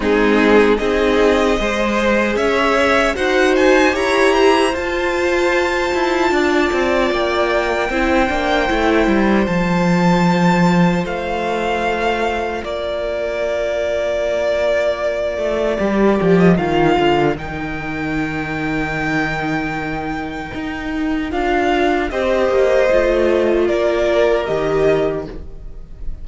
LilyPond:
<<
  \new Staff \with { instrumentName = "violin" } { \time 4/4 \tempo 4 = 76 gis'4 dis''2 e''4 | fis''8 gis''8 ais''4 a''2~ | a''4 g''2. | a''2 f''2 |
d''1~ | d''8. dis''16 f''4 g''2~ | g''2. f''4 | dis''2 d''4 dis''4 | }
  \new Staff \with { instrumentName = "violin" } { \time 4/4 dis'4 gis'4 c''4 cis''4 | c''4 cis''8 c''2~ c''8 | d''2 c''2~ | c''1 |
ais'1~ | ais'1~ | ais'1 | c''2 ais'2 | }
  \new Staff \with { instrumentName = "viola" } { \time 4/4 c'4 dis'4 gis'2 | fis'4 g'4 f'2~ | f'2 e'8 d'8 e'4 | f'1~ |
f'1 | g'4 f'4 dis'2~ | dis'2. f'4 | g'4 f'2 g'4 | }
  \new Staff \with { instrumentName = "cello" } { \time 4/4 gis4 c'4 gis4 cis'4 | dis'4 e'4 f'4. e'8 | d'8 c'8 ais4 c'8 ais8 a8 g8 | f2 a2 |
ais2.~ ais8 a8 | g8 f8 dis8 d8 dis2~ | dis2 dis'4 d'4 | c'8 ais8 a4 ais4 dis4 | }
>>